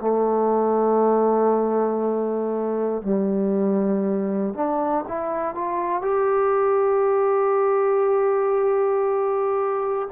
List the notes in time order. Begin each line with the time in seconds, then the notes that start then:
0.00 A3
3.02 G3
4.53 D4
5.08 E4
5.55 F4
6.01 G4